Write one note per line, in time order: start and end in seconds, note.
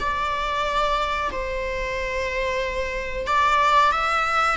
0.00 1.30 D5
1.32 3.27 C5
3.27 3.92 D5
3.92 4.57 E5